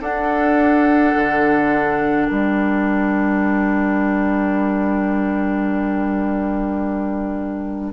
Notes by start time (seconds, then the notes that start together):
0.00 D4 A4 F#5
1.15 D3
2.25 G3 A#4 G5